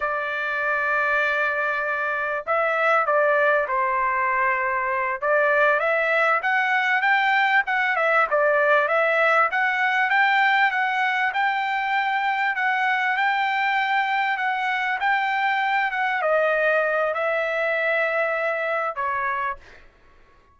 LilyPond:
\new Staff \with { instrumentName = "trumpet" } { \time 4/4 \tempo 4 = 98 d''1 | e''4 d''4 c''2~ | c''8 d''4 e''4 fis''4 g''8~ | g''8 fis''8 e''8 d''4 e''4 fis''8~ |
fis''8 g''4 fis''4 g''4.~ | g''8 fis''4 g''2 fis''8~ | fis''8 g''4. fis''8 dis''4. | e''2. cis''4 | }